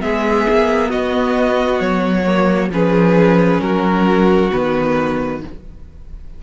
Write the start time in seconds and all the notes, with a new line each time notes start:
0.00 G#3 B3 G#4 E5
0.49 A#3
0.90 B3 F#4 D#5
1.80 F#3 C#5
2.26 A#3
2.70 F3 C#4 G#4 B4
3.61 F#3 F#4 A#4
4.52 D#3 B3 B4